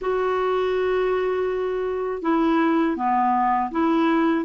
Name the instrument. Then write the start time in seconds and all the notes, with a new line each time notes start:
clarinet
0.01 F#4
2.22 E4
2.96 B3
3.71 E4